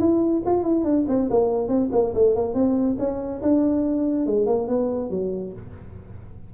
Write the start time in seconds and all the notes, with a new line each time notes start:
0.00 E4
0.46 F4
0.63 E4
0.84 D4
1.08 C4
1.30 A#3
1.68 C4
1.92 A#3
2.14 A3
2.35 A#3
2.54 C4
2.99 C#4
3.42 D4
4.26 G#3
4.46 A#3
4.68 B3
5.10 F#3